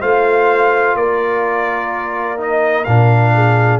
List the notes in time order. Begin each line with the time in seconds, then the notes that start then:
0.00 A3 F4 C5 F5
0.94 A#3 A#4 D5
2.37 D#4 D#5
2.84 A#2 D4 F5
3.35 G#4